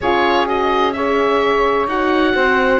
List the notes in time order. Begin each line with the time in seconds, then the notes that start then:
0.01 C#4 F4 G#4 C#5
0.46 F#4 D#5
0.93 G#4 C#5 E5
1.86 D#4 F#4 F#5
2.34 C4 C5